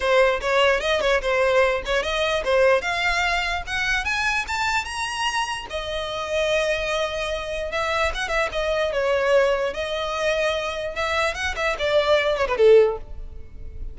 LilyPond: \new Staff \with { instrumentName = "violin" } { \time 4/4 \tempo 4 = 148 c''4 cis''4 dis''8 cis''8 c''4~ | c''8 cis''8 dis''4 c''4 f''4~ | f''4 fis''4 gis''4 a''4 | ais''2 dis''2~ |
dis''2. e''4 | fis''8 e''8 dis''4 cis''2 | dis''2. e''4 | fis''8 e''8 d''4. cis''16 b'16 a'4 | }